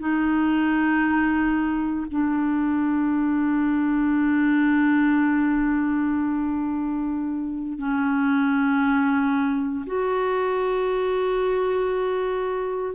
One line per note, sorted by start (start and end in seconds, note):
0.00 2.07 D#4
2.12 7.79 D4
7.79 9.86 C#4
9.87 12.95 F#4